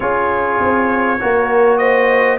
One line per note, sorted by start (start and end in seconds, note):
0.00 0.59 C#4
0.00 1.19 F4
0.00 1.20 G#4
0.00 1.77 C#5
0.60 1.21 C4
1.19 2.39 A#3
1.19 2.39 F#4
1.19 1.79 A#4
1.77 2.39 C5
1.77 2.37 D#5